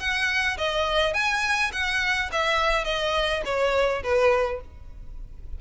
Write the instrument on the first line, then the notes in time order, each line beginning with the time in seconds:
violin
0.00 F#5
0.58 D#5
1.14 G#5
1.73 F#5
2.33 E5
2.85 D#5
3.46 C#5
4.04 B4